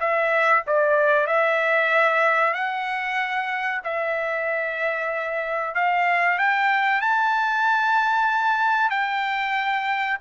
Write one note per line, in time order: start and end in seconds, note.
0.00 0.64 E5
0.67 1.27 D5
1.27 2.54 E5
2.54 3.82 F#5
3.84 5.75 E5
5.75 6.39 F5
6.39 7.01 G5
7.01 8.90 A5
8.90 10.18 G5